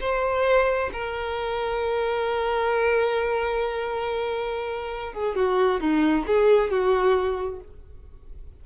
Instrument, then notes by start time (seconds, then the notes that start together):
violin
0.00 C5
0.92 A#4
5.13 G#4
5.35 F#4
5.80 D#4
6.26 G#4
6.70 F#4